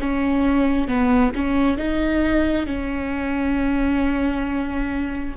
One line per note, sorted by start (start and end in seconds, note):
0.00 0.88 C#4
0.88 1.33 B3
1.36 1.78 C#4
1.78 2.67 D#4
2.67 5.35 C#4